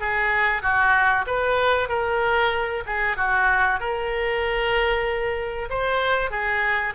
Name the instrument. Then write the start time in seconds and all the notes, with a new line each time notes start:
oboe
0.00 G#4
0.62 F#4
1.26 B4
1.88 A#4
2.86 G#4
3.16 F#4
3.79 A#4
5.69 C5
6.30 G#4